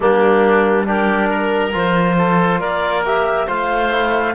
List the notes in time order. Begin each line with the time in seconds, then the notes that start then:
0.00 G3 A#3 D4 G4
0.85 D4 G4 A#4
1.28 A#4
1.72 F3 F4 C5
2.17 A4
2.59 A#3 A#4 D5
3.05 G4 E5
3.47 A3 F4 C5 F5
3.91 E4